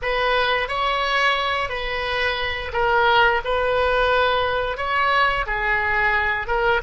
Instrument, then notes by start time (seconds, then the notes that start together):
oboe
0.02 B4
0.68 C#5
1.69 B4
2.73 A#4
3.44 B4
4.77 C#5
5.46 G#4
6.47 A#4